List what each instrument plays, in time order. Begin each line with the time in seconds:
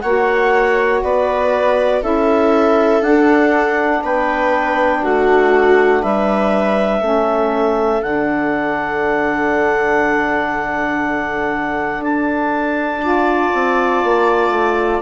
0.00 bassoon A#3, saxophone F#4, viola C#5, clarinet F#5
1.03 bassoon B3, viola B4, clarinet D5
2.01 bassoon C#4, saxophone E4, viola A4, clarinet E5
3.01 bassoon D4, saxophone D4, clarinet F#5
4.03 bassoon B3, viola B4, clarinet G5
5.03 bassoon A3, viola F#4, clarinet F#5
6.02 bassoon G3, viola B4, clarinet E5
7.00 bassoon A3, saxophone C#4, viola A4
8.02 bassoon D3, saxophone D4, clarinet F#5
12.01 bassoon D4, clarinet A5
13.01 saxophone F4, viola D5
13.53 bassoon C4
14.03 bassoon A#3
14.49 bassoon A3